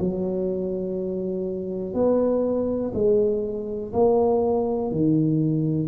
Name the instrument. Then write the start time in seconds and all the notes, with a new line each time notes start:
tuba
0.00 F#3
1.94 B3
2.95 G#3
3.93 A#3
4.91 D#3